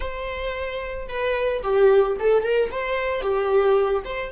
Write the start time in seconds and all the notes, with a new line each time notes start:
0.00 C5
1.08 B4
1.62 G4
2.19 A4
2.43 A#4
2.71 C5
3.21 G4
4.04 C5